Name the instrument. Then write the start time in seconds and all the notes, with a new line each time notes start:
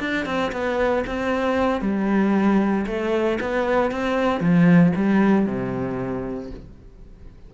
cello
0.00 D4
0.26 C4
0.52 B3
1.07 C4
1.81 G3
2.87 A3
3.41 B3
3.92 C4
4.41 F3
4.96 G3
5.47 C3